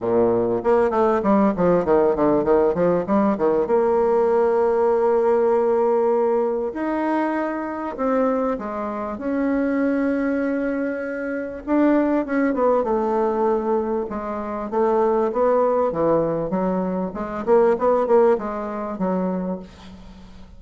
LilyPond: \new Staff \with { instrumentName = "bassoon" } { \time 4/4 \tempo 4 = 98 ais,4 ais8 a8 g8 f8 dis8 d8 | dis8 f8 g8 dis8 ais2~ | ais2. dis'4~ | dis'4 c'4 gis4 cis'4~ |
cis'2. d'4 | cis'8 b8 a2 gis4 | a4 b4 e4 fis4 | gis8 ais8 b8 ais8 gis4 fis4 | }